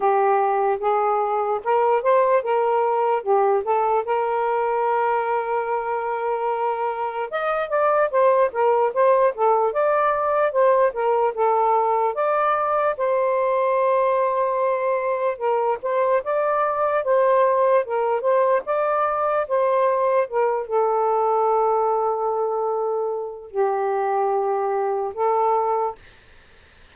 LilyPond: \new Staff \with { instrumentName = "saxophone" } { \time 4/4 \tempo 4 = 74 g'4 gis'4 ais'8 c''8 ais'4 | g'8 a'8 ais'2.~ | ais'4 dis''8 d''8 c''8 ais'8 c''8 a'8 | d''4 c''8 ais'8 a'4 d''4 |
c''2. ais'8 c''8 | d''4 c''4 ais'8 c''8 d''4 | c''4 ais'8 a'2~ a'8~ | a'4 g'2 a'4 | }